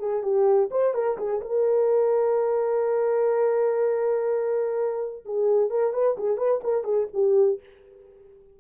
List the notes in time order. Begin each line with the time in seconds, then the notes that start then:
0.00 G#4
0.23 G4
0.71 C5
0.95 A#4
1.18 G#4
1.42 A#4
5.26 G#4
5.70 A#4
5.94 B4
6.18 G#4
6.38 B4
6.64 A#4
6.85 G#4
7.14 G4